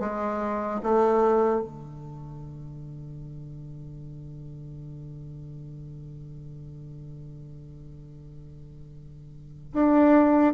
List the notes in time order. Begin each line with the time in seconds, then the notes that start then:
0.00 G#3
0.83 A3
1.62 D3
9.73 D4